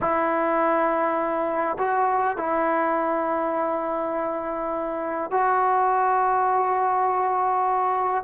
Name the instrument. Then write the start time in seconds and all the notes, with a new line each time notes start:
trombone
0.01 E4
1.78 F#4
2.37 E4
5.30 F#4